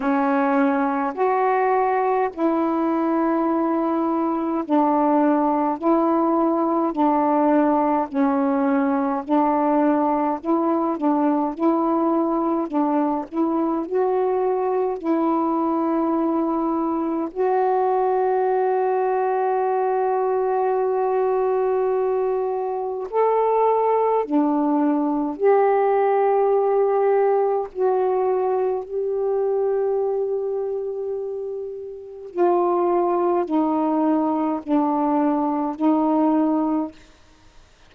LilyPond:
\new Staff \with { instrumentName = "saxophone" } { \time 4/4 \tempo 4 = 52 cis'4 fis'4 e'2 | d'4 e'4 d'4 cis'4 | d'4 e'8 d'8 e'4 d'8 e'8 | fis'4 e'2 fis'4~ |
fis'1 | a'4 d'4 g'2 | fis'4 g'2. | f'4 dis'4 d'4 dis'4 | }